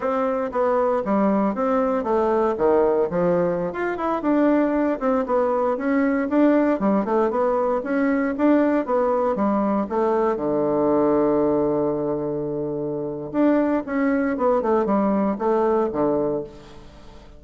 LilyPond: \new Staff \with { instrumentName = "bassoon" } { \time 4/4 \tempo 4 = 117 c'4 b4 g4 c'4 | a4 dis4 f4~ f16 f'8 e'16~ | e'16 d'4. c'8 b4 cis'8.~ | cis'16 d'4 g8 a8 b4 cis'8.~ |
cis'16 d'4 b4 g4 a8.~ | a16 d2.~ d8.~ | d2 d'4 cis'4 | b8 a8 g4 a4 d4 | }